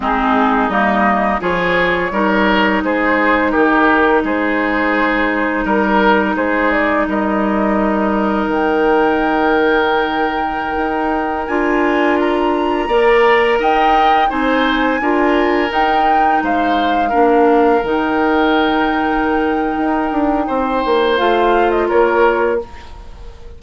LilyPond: <<
  \new Staff \with { instrumentName = "flute" } { \time 4/4 \tempo 4 = 85 gis'4 dis''4 cis''2 | c''4 ais'4 c''2 | ais'4 c''8 d''8 dis''2 | g''1~ |
g''16 gis''4 ais''2 g''8.~ | g''16 gis''2 g''4 f''8.~ | f''4~ f''16 g''2~ g''8.~ | g''2 f''8. dis''16 cis''4 | }
  \new Staff \with { instrumentName = "oboe" } { \time 4/4 dis'2 gis'4 ais'4 | gis'4 g'4 gis'2 | ais'4 gis'4 ais'2~ | ais'1~ |
ais'2~ ais'16 d''4 dis''8.~ | dis''16 c''4 ais'2 c''8.~ | c''16 ais'2.~ ais'8.~ | ais'4 c''2 ais'4 | }
  \new Staff \with { instrumentName = "clarinet" } { \time 4/4 c'4 ais4 f'4 dis'4~ | dis'1~ | dis'1~ | dis'1~ |
dis'16 f'2 ais'4.~ ais'16~ | ais'16 dis'4 f'4 dis'4.~ dis'16~ | dis'16 d'4 dis'2~ dis'8.~ | dis'2 f'2 | }
  \new Staff \with { instrumentName = "bassoon" } { \time 4/4 gis4 g4 f4 g4 | gis4 dis4 gis2 | g4 gis4 g2 | dis2.~ dis16 dis'8.~ |
dis'16 d'2 ais4 dis'8.~ | dis'16 c'4 d'4 dis'4 gis8.~ | gis16 ais4 dis2~ dis8. | dis'8 d'8 c'8 ais8 a4 ais4 | }
>>